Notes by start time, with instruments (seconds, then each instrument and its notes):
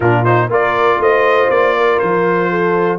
0.00 tuba A#2, trombone D4, horn F4, trumpet A#4
0.24 trombone D#4, trumpet C5
0.49 tuba A#3, trombone F4, horn A#4, trumpet D5
0.98 tuba A3, horn C5, trumpet D#5
1.49 tuba A#3, trumpet D5
1.76 horn A#4
1.99 tuba F3, trumpet C5
2.50 horn A4